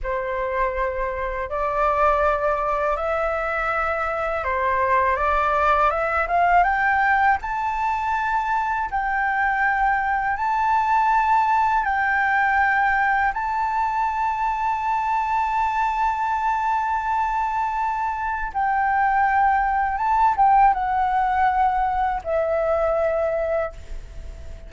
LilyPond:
\new Staff \with { instrumentName = "flute" } { \time 4/4 \tempo 4 = 81 c''2 d''2 | e''2 c''4 d''4 | e''8 f''8 g''4 a''2 | g''2 a''2 |
g''2 a''2~ | a''1~ | a''4 g''2 a''8 g''8 | fis''2 e''2 | }